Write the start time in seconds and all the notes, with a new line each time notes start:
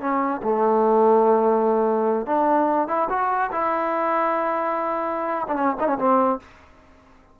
0.00 C#4
0.43 A3
2.26 D4
2.88 E4
3.09 F#4
3.52 E4
5.48 D4
5.55 C#4
5.80 D#4
5.87 C#4
5.98 C4